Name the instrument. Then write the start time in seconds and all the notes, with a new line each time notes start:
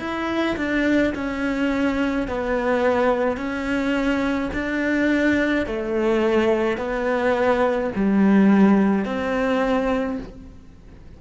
cello
0.00 E4
0.57 D4
1.15 C#4
2.28 B3
3.38 C#4
4.54 D4
5.67 A3
6.78 B3
7.96 G3
9.06 C4